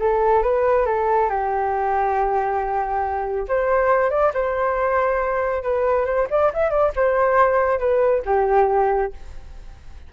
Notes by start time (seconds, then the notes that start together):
0.00 A4
0.42 B4
0.86 A4
1.30 G4
3.48 C5
4.10 D5
4.34 C5
5.63 B4
6.06 C5
6.30 D5
6.53 E5
6.70 D5
6.96 C5
7.79 B4
8.26 G4